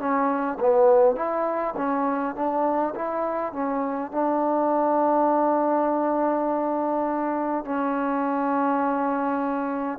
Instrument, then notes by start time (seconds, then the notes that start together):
trombone
0.00 C#4
0.60 B3
1.16 E4
1.77 C#4
2.36 D4
2.96 E4
3.53 C#4
4.12 D4
7.65 C#4